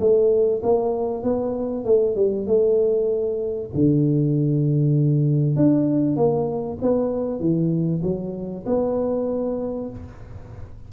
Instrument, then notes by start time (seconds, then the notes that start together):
tuba
0.00 A3
0.63 A#3
1.23 B3
1.85 A3
2.16 G3
2.47 A3
3.75 D3
5.56 D4
6.17 A#3
6.82 B3
7.40 E3
8.03 F#3
8.66 B3